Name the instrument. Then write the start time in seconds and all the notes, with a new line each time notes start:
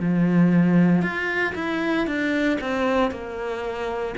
cello
0.00 F3
1.02 F4
1.55 E4
2.07 D4
2.61 C4
3.11 A#3